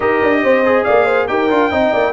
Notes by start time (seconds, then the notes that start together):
0.00 D#4 G4 A#4 D#5
0.22 D4
0.43 C4 C5
0.65 G#4
0.84 A#3 D5 F5
1.05 C5
1.27 D#4 G4 A#4 G5
1.49 D4 F4
1.70 C4 D#4 D#5
1.91 A#3 D5